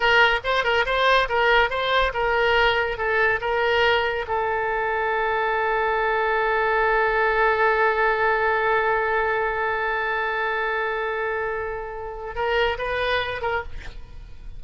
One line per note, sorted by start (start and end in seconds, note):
0.00 0.40 A#4
0.44 0.64 C5
0.64 0.85 A#4
0.85 1.28 C5
1.28 1.69 A#4
1.69 2.12 C5
2.13 2.97 A#4
2.97 3.40 A4
3.40 4.25 A#4
4.27 12.35 A4
12.35 12.77 A#4
12.78 13.41 B4
13.41 13.62 A#4